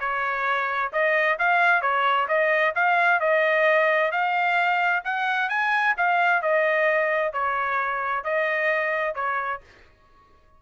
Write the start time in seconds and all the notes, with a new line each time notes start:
0.00 C#5
0.93 D#5
1.39 F5
1.82 C#5
2.28 D#5
2.75 F5
3.20 D#5
4.12 F5
5.04 F#5
5.49 G#5
5.98 F5
6.42 D#5
7.33 C#5
8.24 D#5
9.15 C#5